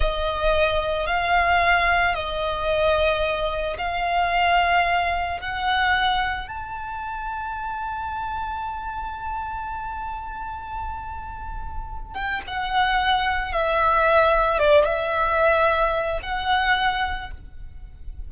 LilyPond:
\new Staff \with { instrumentName = "violin" } { \time 4/4 \tempo 4 = 111 dis''2 f''2 | dis''2. f''4~ | f''2 fis''2 | a''1~ |
a''1~ | a''2~ a''8 g''8 fis''4~ | fis''4 e''2 d''8 e''8~ | e''2 fis''2 | }